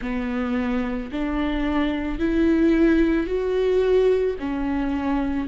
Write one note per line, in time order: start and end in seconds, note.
0.01 1.10 B3
1.12 2.19 D4
2.19 3.26 E4
3.26 4.35 F#4
4.39 5.48 C#4